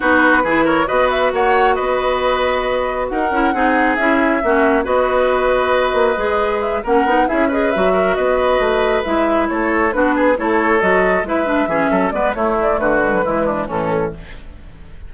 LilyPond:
<<
  \new Staff \with { instrumentName = "flute" } { \time 4/4 \tempo 4 = 136 b'4. cis''8 dis''8 e''8 fis''4 | dis''2. fis''4~ | fis''4 e''2 dis''4~ | dis''2. e''8 fis''8~ |
fis''8 e''8 dis''8 e''4 dis''4.~ | dis''8 e''4 cis''4 b'4 cis''8~ | cis''8 dis''4 e''2 d''8 | cis''8 d''8 b'2 a'4 | }
  \new Staff \with { instrumentName = "oboe" } { \time 4/4 fis'4 gis'8 ais'8 b'4 cis''4 | b'2. ais'4 | gis'2 fis'4 b'4~ | b'2.~ b'8 ais'8~ |
ais'8 gis'8 b'4 ais'8 b'4.~ | b'4. a'4 fis'8 gis'8 a'8~ | a'4. b'4 gis'8 a'8 b'8 | e'4 fis'4 e'8 d'8 cis'4 | }
  \new Staff \with { instrumentName = "clarinet" } { \time 4/4 dis'4 e'4 fis'2~ | fis'2.~ fis'8 e'8 | dis'4 e'4 cis'4 fis'4~ | fis'2 gis'4. cis'8 |
dis'8 e'8 gis'8 fis'2~ fis'8~ | fis'8 e'2 d'4 e'8~ | e'8 fis'4 e'8 d'8 cis'4 b8 | a4. gis16 fis16 gis4 e4 | }
  \new Staff \with { instrumentName = "bassoon" } { \time 4/4 b4 e4 b4 ais4 | b2. dis'8 cis'8 | c'4 cis'4 ais4 b4~ | b4. ais8 gis4. ais8 |
b8 cis'4 fis4 b4 a8~ | a8 gis4 a4 b4 a8~ | a8 fis4 gis4 e8 fis8 gis8 | a4 d4 e4 a,4 | }
>>